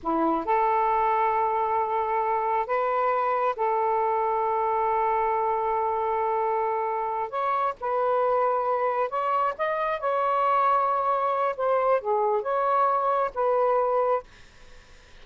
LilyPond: \new Staff \with { instrumentName = "saxophone" } { \time 4/4 \tempo 4 = 135 e'4 a'2.~ | a'2 b'2 | a'1~ | a'1~ |
a'8 cis''4 b'2~ b'8~ | b'8 cis''4 dis''4 cis''4.~ | cis''2 c''4 gis'4 | cis''2 b'2 | }